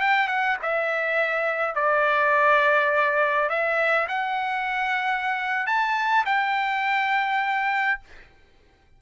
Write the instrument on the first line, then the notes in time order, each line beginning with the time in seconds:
trumpet
0.00 G5
0.28 F#5
0.62 E5
1.75 D5
3.49 E5
4.08 F#5
5.66 A5
6.25 G5